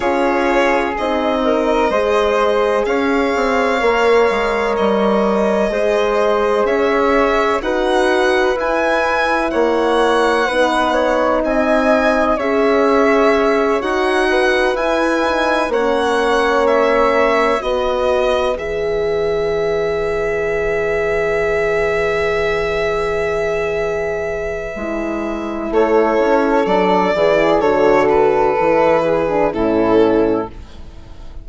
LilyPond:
<<
  \new Staff \with { instrumentName = "violin" } { \time 4/4 \tempo 4 = 63 cis''4 dis''2 f''4~ | f''4 dis''2 e''4 | fis''4 gis''4 fis''2 | gis''4 e''4. fis''4 gis''8~ |
gis''8 fis''4 e''4 dis''4 e''8~ | e''1~ | e''2. cis''4 | d''4 cis''8 b'4. a'4 | }
  \new Staff \with { instrumentName = "flute" } { \time 4/4 gis'4. ais'8 c''4 cis''4~ | cis''2 c''4 cis''4 | b'2 cis''4 b'8 cis''8 | dis''4 cis''2 b'4~ |
b'8 cis''2 b'4.~ | b'1~ | b'2. a'4~ | a'8 gis'8 a'4. gis'8 e'4 | }
  \new Staff \with { instrumentName = "horn" } { \time 4/4 f'4 dis'4 gis'2 | ais'2 gis'2 | fis'4 e'2 dis'4~ | dis'4 gis'4. fis'4 e'8 |
dis'8 cis'2 fis'4 gis'8~ | gis'1~ | gis'2 e'2 | d'8 e'8 fis'4 e'8. d'16 cis'4 | }
  \new Staff \with { instrumentName = "bassoon" } { \time 4/4 cis'4 c'4 gis4 cis'8 c'8 | ais8 gis8 g4 gis4 cis'4 | dis'4 e'4 ais4 b4 | c'4 cis'4. dis'4 e'8~ |
e'8 ais2 b4 e8~ | e1~ | e2 gis4 a8 cis'8 | fis8 e8 d4 e4 a,4 | }
>>